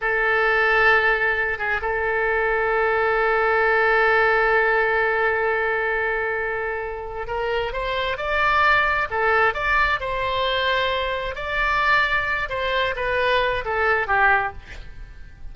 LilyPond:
\new Staff \with { instrumentName = "oboe" } { \time 4/4 \tempo 4 = 132 a'2.~ a'8 gis'8 | a'1~ | a'1~ | a'1 |
ais'4 c''4 d''2 | a'4 d''4 c''2~ | c''4 d''2~ d''8 c''8~ | c''8 b'4. a'4 g'4 | }